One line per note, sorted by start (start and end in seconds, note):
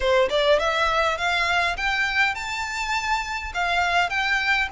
0.00 0.28 C5
0.29 0.59 D5
0.59 1.17 E5
1.17 1.76 F5
1.76 2.34 G5
2.34 3.52 A5
3.53 4.09 F5
4.09 4.68 G5